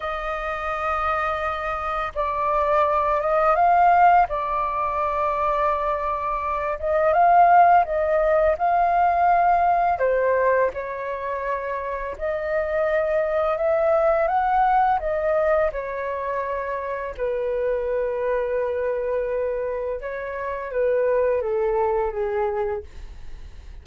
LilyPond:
\new Staff \with { instrumentName = "flute" } { \time 4/4 \tempo 4 = 84 dis''2. d''4~ | d''8 dis''8 f''4 d''2~ | d''4. dis''8 f''4 dis''4 | f''2 c''4 cis''4~ |
cis''4 dis''2 e''4 | fis''4 dis''4 cis''2 | b'1 | cis''4 b'4 a'4 gis'4 | }